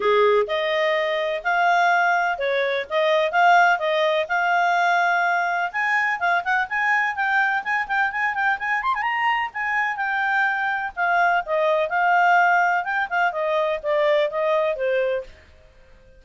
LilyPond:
\new Staff \with { instrumentName = "clarinet" } { \time 4/4 \tempo 4 = 126 gis'4 dis''2 f''4~ | f''4 cis''4 dis''4 f''4 | dis''4 f''2. | gis''4 f''8 fis''8 gis''4 g''4 |
gis''8 g''8 gis''8 g''8 gis''8 c'''16 gis''16 ais''4 | gis''4 g''2 f''4 | dis''4 f''2 g''8 f''8 | dis''4 d''4 dis''4 c''4 | }